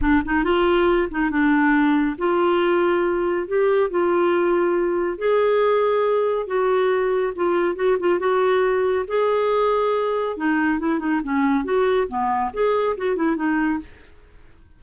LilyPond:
\new Staff \with { instrumentName = "clarinet" } { \time 4/4 \tempo 4 = 139 d'8 dis'8 f'4. dis'8 d'4~ | d'4 f'2. | g'4 f'2. | gis'2. fis'4~ |
fis'4 f'4 fis'8 f'8 fis'4~ | fis'4 gis'2. | dis'4 e'8 dis'8 cis'4 fis'4 | b4 gis'4 fis'8 e'8 dis'4 | }